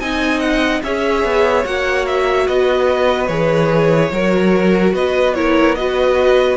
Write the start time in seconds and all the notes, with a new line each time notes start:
0.00 C4 D#4 D#5 G#5
0.40 F#5
0.83 C#4 G#4 C#5 E5
1.24 B3
1.64 A#3 F#4 F#5
2.07 E5
2.47 B3 B4 D#5
3.27 E3 G#4 C#5
4.11 F#3 F#4 A#4
4.94 B3 B4 D#5
5.35 E4 A#4 C#5
5.76 F#4 B4 D#5